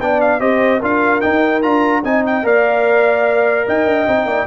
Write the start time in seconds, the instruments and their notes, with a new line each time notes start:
0.00 tuba B3, trombone D4, horn D5, trumpet G5
0.21 trumpet F5
0.40 tuba C4, trombone G4, horn C5, trumpet D#5
0.80 tuba D4, trombone F4, horn A#4, trumpet F5
1.21 trombone D#4, tuba D#4, trumpet G5
1.62 tuba D4, trombone F4, trumpet A#5
2.04 tuba C4, trombone D#4, horn D#5, trumpet G#5
2.26 trumpet G5
2.43 tuba A#3, trombone A#4, horn D5, trumpet F5
3.67 tuba D#4, horn D#5, trumpet G5
3.86 tuba D4
4.08 tuba C4, trombone D#4
4.25 tuba A#3, horn D5